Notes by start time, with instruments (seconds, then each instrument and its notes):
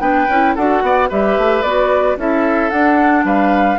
0.00 bassoon B3, clarinet D4, oboe B4, flute G5
0.28 bassoon C#4, clarinet E4
0.55 bassoon D4, clarinet F#4, oboe A4, flute F#5
0.82 bassoon B3, oboe D5
1.09 bassoon G3, clarinet G4, oboe B4, flute E5
1.38 bassoon A3
1.62 bassoon B3, clarinet F#4, flute D5
2.17 bassoon C#4, clarinet E4, oboe A4, flute E5
2.70 clarinet D4, bassoon D4, flute F#5
3.24 bassoon G3, oboe B4, flute F5